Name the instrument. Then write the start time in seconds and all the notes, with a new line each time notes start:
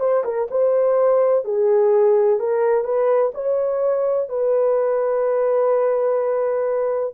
horn
0.00 C5
0.25 A#4
0.51 C5
1.45 G#4
2.39 A#4
2.84 B4
3.35 C#5
4.29 B4